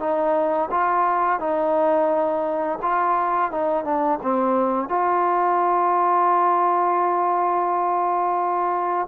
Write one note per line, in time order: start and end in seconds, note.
0.00 0.70 D#4
0.72 1.40 F4
1.40 2.79 D#4
2.83 3.52 F4
3.52 3.85 D#4
3.85 4.20 D4
4.23 4.89 C4
4.89 9.08 F4